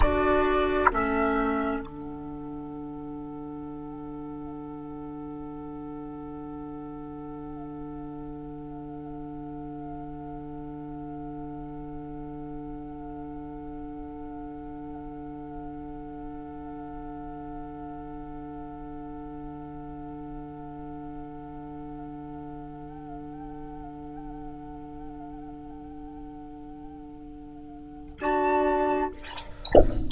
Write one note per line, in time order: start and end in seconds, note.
0.00 0.91 D4
0.00 0.91 F#4
0.00 29.10 A4
0.00 0.90 D5
0.91 1.79 A3
0.91 1.82 C#4
0.91 1.79 E5
1.79 28.15 D3
1.79 28.20 D4
1.79 28.16 F#5
28.20 29.11 D4
28.20 29.11 F#4
28.20 29.11 A5